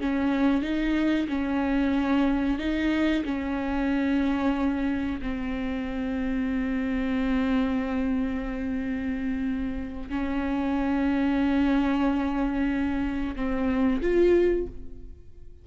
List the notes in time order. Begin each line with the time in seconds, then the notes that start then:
0.00 C#4
0.62 D#4
1.28 C#4
2.58 D#4
3.25 C#4
5.21 C4
10.09 C#4
13.36 C4
14.01 F4